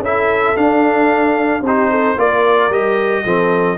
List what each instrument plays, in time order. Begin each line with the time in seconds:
0.00 tuba C#4, trombone E4, horn A4, trumpet E5
0.56 trombone D4, tuba D4, trumpet F5
1.61 tuba C4, horn G4, trumpet C5
1.67 trombone D#4
1.91 horn A4
2.18 tuba A#3, trombone F4, horn A#4, trumpet D5
2.70 tuba G3, trombone G4, trumpet D#5
3.24 tuba F3, trombone C4, horn A4